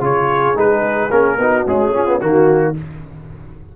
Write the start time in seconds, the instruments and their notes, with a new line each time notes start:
0.00 tuba C#3, trombone F4, horn G#4, trumpet C#5
0.55 tuba G#3, trombone D#4, trumpet B4
1.10 tuba A#3, trombone C#4, trumpet A#4
1.38 tuba B3, trombone D#4, horn F#4
1.66 trombone G#3, tuba C#4, trumpet G#4
1.92 trombone C#4, horn F4
2.05 trombone B3
2.19 tuba D#3, trombone A#3, trumpet F#4, horn F#4